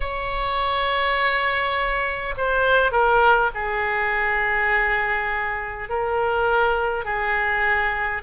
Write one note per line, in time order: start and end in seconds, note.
0.00 2.34 C#5
2.37 2.91 C5
2.91 3.50 A#4
3.54 5.89 G#4
5.89 7.05 A#4
7.05 8.22 G#4